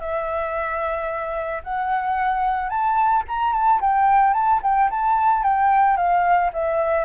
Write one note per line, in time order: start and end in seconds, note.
0.00 1.62 E5
1.63 2.69 F#5
2.69 3.23 A5
3.28 3.53 A#5
3.53 3.80 A5
3.81 4.33 G5
4.33 4.60 A5
4.63 4.90 G5
4.90 5.43 A5
5.43 5.97 G5
5.97 6.51 F5
6.53 7.05 E5